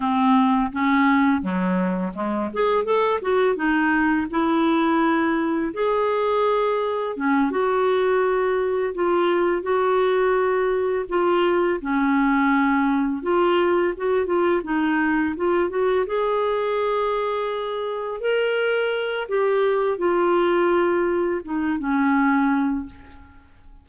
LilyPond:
\new Staff \with { instrumentName = "clarinet" } { \time 4/4 \tempo 4 = 84 c'4 cis'4 fis4 gis8 gis'8 | a'8 fis'8 dis'4 e'2 | gis'2 cis'8 fis'4.~ | fis'8 f'4 fis'2 f'8~ |
f'8 cis'2 f'4 fis'8 | f'8 dis'4 f'8 fis'8 gis'4.~ | gis'4. ais'4. g'4 | f'2 dis'8 cis'4. | }